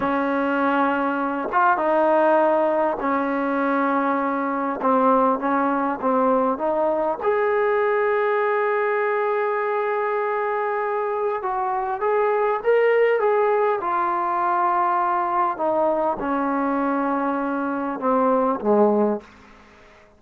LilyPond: \new Staff \with { instrumentName = "trombone" } { \time 4/4 \tempo 4 = 100 cis'2~ cis'8 f'8 dis'4~ | dis'4 cis'2. | c'4 cis'4 c'4 dis'4 | gis'1~ |
gis'2. fis'4 | gis'4 ais'4 gis'4 f'4~ | f'2 dis'4 cis'4~ | cis'2 c'4 gis4 | }